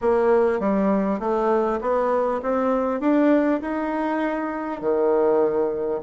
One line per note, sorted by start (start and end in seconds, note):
0.01 0.59 A#3
0.59 1.19 G3
1.19 1.79 A3
1.81 2.41 B3
2.42 3.00 C4
3.00 3.60 D4
3.61 4.80 D#4
4.80 6.00 D#3